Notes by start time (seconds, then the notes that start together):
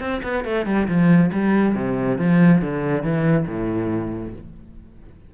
0.00 C4
0.23 B3
0.45 A3
0.66 G3
0.88 F3
1.32 G3
1.75 C3
2.18 F3
2.62 D3
3.03 E3
3.47 A2